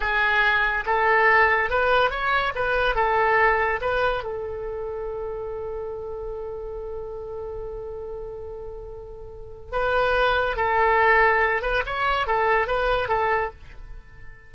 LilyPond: \new Staff \with { instrumentName = "oboe" } { \time 4/4 \tempo 4 = 142 gis'2 a'2 | b'4 cis''4 b'4 a'4~ | a'4 b'4 a'2~ | a'1~ |
a'1~ | a'2. b'4~ | b'4 a'2~ a'8 b'8 | cis''4 a'4 b'4 a'4 | }